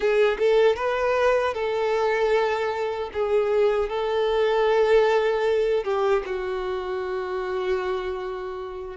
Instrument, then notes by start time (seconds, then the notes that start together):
violin
0.00 G#4
0.39 A4
0.76 B4
1.54 A4
3.13 G#4
3.89 A4
5.83 G4
6.25 F#4